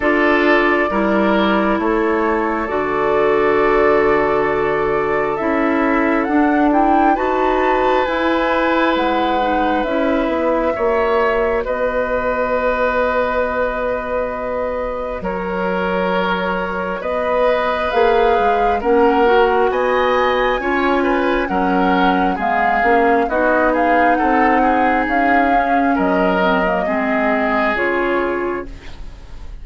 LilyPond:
<<
  \new Staff \with { instrumentName = "flute" } { \time 4/4 \tempo 4 = 67 d''2 cis''4 d''4~ | d''2 e''4 fis''8 g''8 | a''4 gis''4 fis''4 e''4~ | e''4 dis''2.~ |
dis''4 cis''2 dis''4 | f''4 fis''4 gis''2 | fis''4 f''4 dis''8 f''8 fis''4 | f''4 dis''2 cis''4 | }
  \new Staff \with { instrumentName = "oboe" } { \time 4/4 a'4 ais'4 a'2~ | a'1 | b'1 | cis''4 b'2.~ |
b'4 ais'2 b'4~ | b'4 ais'4 dis''4 cis''8 b'8 | ais'4 gis'4 fis'8 gis'8 a'8 gis'8~ | gis'4 ais'4 gis'2 | }
  \new Staff \with { instrumentName = "clarinet" } { \time 4/4 f'4 e'2 fis'4~ | fis'2 e'4 d'8 e'8 | fis'4 e'4. dis'8 e'4 | fis'1~ |
fis'1 | gis'4 cis'8 fis'4. f'4 | cis'4 b8 cis'8 dis'2~ | dis'8 cis'4 c'16 ais16 c'4 f'4 | }
  \new Staff \with { instrumentName = "bassoon" } { \time 4/4 d'4 g4 a4 d4~ | d2 cis'4 d'4 | dis'4 e'4 gis4 cis'8 b8 | ais4 b2.~ |
b4 fis2 b4 | ais8 gis8 ais4 b4 cis'4 | fis4 gis8 ais8 b4 c'4 | cis'4 fis4 gis4 cis4 | }
>>